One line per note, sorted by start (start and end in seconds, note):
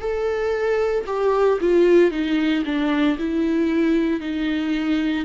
0.00 1.05 A4
1.06 1.59 G4
1.61 2.11 F4
2.11 2.64 D#4
2.65 3.18 D4
3.19 4.21 E4
4.21 5.25 D#4